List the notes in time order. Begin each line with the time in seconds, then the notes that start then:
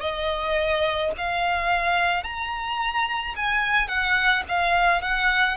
0.00 D#5
1.17 F5
2.23 A#5
3.35 G#5
3.87 F#5
4.48 F5
5.01 F#5